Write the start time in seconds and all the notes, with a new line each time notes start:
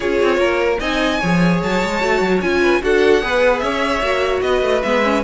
0.00 C#4 F4 G#4 C#5
0.22 C4
0.37 A#3 A#4
0.79 C4 D#4 D#5 G#5
1.19 F3 G#4 C#5
1.62 F#3 A5
1.83 G#3
2.01 A3 F#4
2.21 F#3
2.41 C#4 F4 G#5
2.61 B4
2.81 D4 F#4 A4 F#5
3.21 B3 G#4 B4
3.59 C#4 C#5 E5
4.01 A#3 F#4
4.42 B3 B4 D#5
4.62 A3
4.82 G#3 B3 E5
5.03 C#4